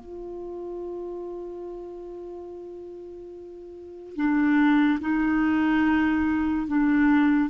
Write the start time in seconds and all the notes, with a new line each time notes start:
0.00 F4
4.16 D4
5.01 D#4
6.67 D4